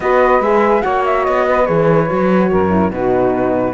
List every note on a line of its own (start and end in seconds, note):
0.00 0.40 B3
0.00 0.42 F#4
0.00 0.83 B4
0.00 0.41 D#5
0.40 0.81 G#3
0.40 0.80 G#4
0.40 0.82 E5
0.80 1.27 A#3
0.80 1.64 F#4
0.80 1.46 C#5
0.80 1.02 F#5
1.05 1.24 E5
1.24 1.68 B3
1.24 1.65 D#5
1.48 2.50 B4
1.65 2.10 E3
1.65 2.07 G#4
1.65 2.90 C#5
2.07 2.52 F#3
2.07 2.70 F#4
2.50 2.91 F#2
2.50 2.91 A#4
2.70 2.91 E4
2.91 3.74 B2
2.91 3.74 D#4
2.91 3.74 F#4
2.91 3.74 B4